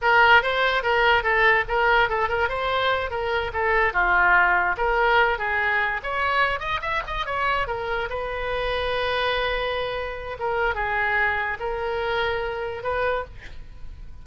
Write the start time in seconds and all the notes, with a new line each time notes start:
0.01 A#4
0.42 C5
0.83 A#4
1.23 A4
1.67 A#4
2.09 A4
2.29 A#4
2.48 C5
3.10 A#4
3.53 A4
3.93 F4
4.77 A#4
5.38 G#4
6.03 C#5
6.59 D#5
6.81 E5
7.06 D#5
7.25 C#5
7.67 A#4
8.09 B4
10.39 A#4
10.74 G#4
11.59 A#4
12.83 B4